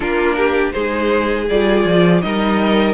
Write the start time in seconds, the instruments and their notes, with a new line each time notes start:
0.00 cello A#3, viola D4, violin F4 A#4
0.36 violin G4
0.71 cello G#3, viola D#4, violin G#4 C5
1.49 cello G3, viola F4, violin D5
1.85 cello F3
2.21 cello G3, viola D#4, violin A#4 D#5